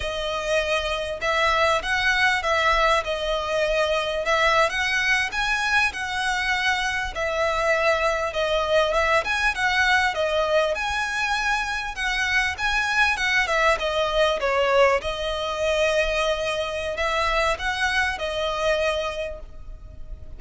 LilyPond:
\new Staff \with { instrumentName = "violin" } { \time 4/4 \tempo 4 = 99 dis''2 e''4 fis''4 | e''4 dis''2 e''8. fis''16~ | fis''8. gis''4 fis''2 e''16~ | e''4.~ e''16 dis''4 e''8 gis''8 fis''16~ |
fis''8. dis''4 gis''2 fis''16~ | fis''8. gis''4 fis''8 e''8 dis''4 cis''16~ | cis''8. dis''2.~ dis''16 | e''4 fis''4 dis''2 | }